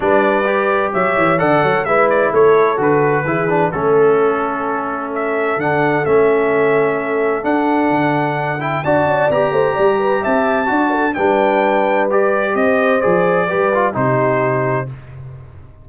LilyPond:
<<
  \new Staff \with { instrumentName = "trumpet" } { \time 4/4 \tempo 4 = 129 d''2 e''4 fis''4 | e''8 d''8 cis''4 b'2 | a'2. e''4 | fis''4 e''2. |
fis''2~ fis''8 g''8 a''4 | ais''2 a''2 | g''2 d''4 dis''4 | d''2 c''2 | }
  \new Staff \with { instrumentName = "horn" } { \time 4/4 b'2 cis''4 d''8 cis''8 | b'4 a'2 gis'4 | a'1~ | a'1~ |
a'2. d''4~ | d''8 c''8 d''8 b'8 e''4 d''8 a'8 | b'2. c''4~ | c''4 b'4 g'2 | }
  \new Staff \with { instrumentName = "trombone" } { \time 4/4 d'4 g'2 a'4 | e'2 fis'4 e'8 d'8 | cis'1 | d'4 cis'2. |
d'2~ d'8 e'8 fis'4 | g'2. fis'4 | d'2 g'2 | gis'4 g'8 f'8 dis'2 | }
  \new Staff \with { instrumentName = "tuba" } { \time 4/4 g2 fis8 e8 d8 fis8 | gis4 a4 d4 e4 | a1 | d4 a2. |
d'4 d2 d'8 cis'8 | b8 a8 g4 c'4 d'4 | g2. c'4 | f4 g4 c2 | }
>>